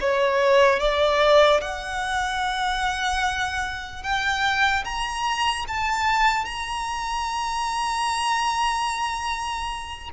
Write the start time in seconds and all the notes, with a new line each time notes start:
0.00 C#5
0.79 D5
1.61 F#5
4.02 G5
4.84 A#5
5.67 A5
6.45 A#5